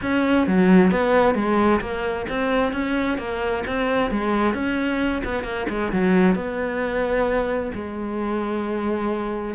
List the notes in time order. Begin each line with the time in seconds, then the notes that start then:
0.02 C#4
0.47 F#3
0.91 B3
1.34 G#3
1.80 A#3
2.29 C4
2.72 C#4
3.18 A#3
3.66 C4
4.10 G#3
4.54 C#4
5.24 B3
5.43 A#3
5.69 G#3
5.92 F#3
6.35 B3
7.74 G#3